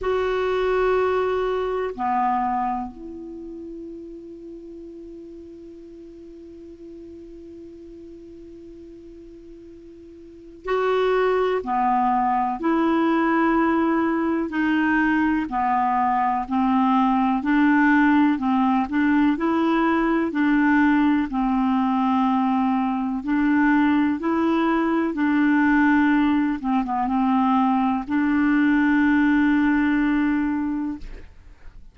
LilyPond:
\new Staff \with { instrumentName = "clarinet" } { \time 4/4 \tempo 4 = 62 fis'2 b4 e'4~ | e'1~ | e'2. fis'4 | b4 e'2 dis'4 |
b4 c'4 d'4 c'8 d'8 | e'4 d'4 c'2 | d'4 e'4 d'4. c'16 b16 | c'4 d'2. | }